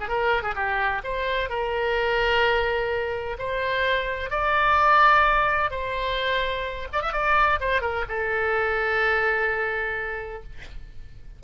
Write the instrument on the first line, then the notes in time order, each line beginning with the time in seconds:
oboe
0.00 G#4
0.08 A#4
0.43 G#4
0.55 G4
1.04 C5
1.49 A#4
3.38 C5
4.30 D5
5.71 C5
6.93 D5
7.02 E5
7.12 D5
7.60 C5
7.81 A#4
8.08 A4